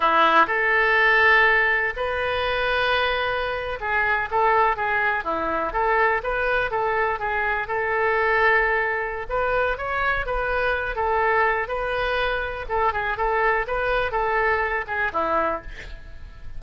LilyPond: \new Staff \with { instrumentName = "oboe" } { \time 4/4 \tempo 4 = 123 e'4 a'2. | b'2.~ b'8. gis'16~ | gis'8. a'4 gis'4 e'4 a'16~ | a'8. b'4 a'4 gis'4 a'16~ |
a'2. b'4 | cis''4 b'4. a'4. | b'2 a'8 gis'8 a'4 | b'4 a'4. gis'8 e'4 | }